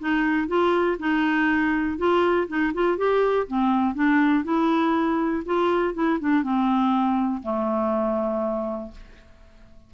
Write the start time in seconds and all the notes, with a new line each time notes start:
0.00 D#4
0.48 F4
0.99 D#4
1.98 F4
2.48 D#4
2.74 F4
2.98 G4
3.48 C4
3.95 D4
4.45 E4
5.46 F4
5.95 E4
6.20 D4
6.43 C4
7.43 A3